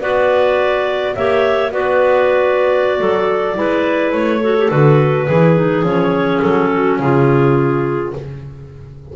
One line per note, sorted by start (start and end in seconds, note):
0.00 1.15 B3
0.00 1.15 F#4
0.00 1.14 B4
0.00 1.15 D5
1.15 1.71 A#3
1.15 1.71 G4
1.15 1.73 C#5
1.15 1.72 E5
1.71 3.00 B3
1.71 3.54 F#4
1.71 2.99 B4
1.71 4.13 D5
2.99 3.57 F#3
2.99 3.56 A4
3.54 4.12 G#3
3.54 4.40 E4
3.54 4.41 B4
4.12 4.69 A3
4.12 4.70 C#5
4.41 4.57 F#4
4.41 5.26 A4
4.58 4.70 G4
4.70 5.28 D3
4.70 5.27 F#4
4.70 5.84 B4
5.26 5.83 E3
5.26 5.56 E4
5.26 6.69 G#4
5.56 5.84 D#4
5.83 6.40 F3
5.83 8.13 C#4
5.83 6.40 C#5
6.40 6.99 F#3
6.40 6.98 A4
6.71 7.00 F#4
6.99 8.14 C#3
6.99 8.16 F4
6.99 8.13 G#4